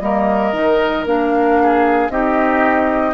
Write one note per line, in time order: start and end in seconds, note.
0.00 0.52 G3
0.00 0.53 A#3
0.00 1.62 A#4
0.00 1.05 D#5
0.52 1.05 D#3
0.52 1.06 D#4
1.05 2.09 A#3
1.05 2.10 D4
1.05 2.10 F5
1.62 2.12 G#4
2.09 3.14 C4
2.09 3.14 D#4
2.09 3.14 G4
2.09 3.14 D#5